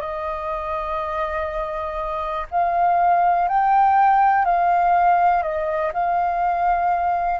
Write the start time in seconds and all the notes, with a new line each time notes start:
0.00 D#5
2.51 F5
3.48 G5
4.44 F5
5.42 D#5
5.93 F5